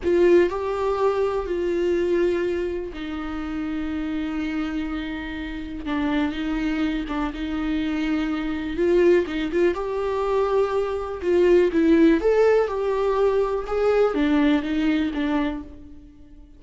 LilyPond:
\new Staff \with { instrumentName = "viola" } { \time 4/4 \tempo 4 = 123 f'4 g'2 f'4~ | f'2 dis'2~ | dis'1 | d'4 dis'4. d'8 dis'4~ |
dis'2 f'4 dis'8 f'8 | g'2. f'4 | e'4 a'4 g'2 | gis'4 d'4 dis'4 d'4 | }